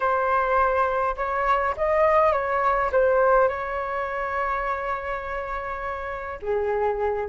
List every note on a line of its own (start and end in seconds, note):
0.00 1.15 C5
1.17 1.75 C#5
1.76 2.32 D#5
2.32 2.90 C#5
2.92 3.48 C5
3.48 6.39 C#5
6.42 7.29 G#4